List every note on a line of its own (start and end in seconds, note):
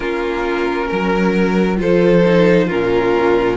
0.00 0.89 A#3
0.00 1.76 C#4
0.00 0.87 F4
0.00 1.78 A#4
0.87 1.80 F#3
0.87 1.77 A#4
1.76 2.70 F3
1.76 2.21 F4
1.76 2.66 A4
1.76 2.69 C5
2.26 2.69 D#4
2.66 3.56 A#2
2.66 3.56 C#4
2.66 3.56 F4
2.66 3.56 A#4